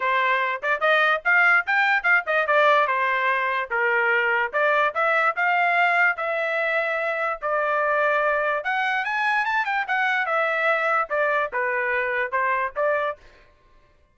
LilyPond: \new Staff \with { instrumentName = "trumpet" } { \time 4/4 \tempo 4 = 146 c''4. d''8 dis''4 f''4 | g''4 f''8 dis''8 d''4 c''4~ | c''4 ais'2 d''4 | e''4 f''2 e''4~ |
e''2 d''2~ | d''4 fis''4 gis''4 a''8 g''8 | fis''4 e''2 d''4 | b'2 c''4 d''4 | }